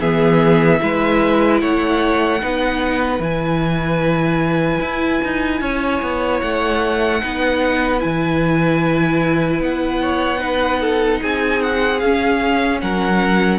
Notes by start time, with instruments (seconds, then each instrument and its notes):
0.00 cello E3, viola B3, violin G#4 E5
0.79 cello G#3, viola E4, violin B4
1.61 cello A3, violin C#5 F#5
2.41 cello B3, viola D#4, violin B4
3.19 cello E3, viola E4, violin G#5
4.81 cello E4
5.24 cello D#4
5.61 cello C#4, violin C#5
6.02 cello B3
6.40 cello A3, violin F#5
7.21 cello B3, viola D#4, violin B4
7.99 cello E3, viola E4, violin G#5
9.60 cello B3, violin F#5
10.02 violin C#5
10.37 viola D#4, violin B4
10.80 violin A4
11.21 cello C4, violin G#4 G#5
11.62 violin F#5
11.99 cello C#4, viola C#4, violin F5
12.81 cello F#3, violin A#4 F#5